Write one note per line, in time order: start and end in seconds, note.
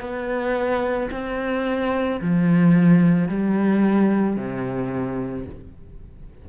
0.00 1.09 B3
1.11 2.20 C4
2.21 3.28 F3
3.28 4.36 G3
4.36 5.45 C3